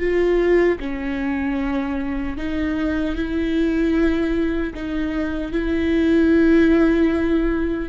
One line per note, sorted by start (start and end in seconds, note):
0.00 0.79 F4
0.80 2.38 C#4
2.38 3.16 D#4
3.16 4.74 E4
4.75 5.53 D#4
5.53 7.89 E4